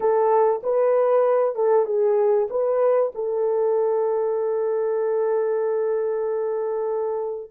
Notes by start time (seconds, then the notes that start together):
0.00 A4
0.63 B4
1.55 A4
1.85 G#4
2.50 B4
3.14 A4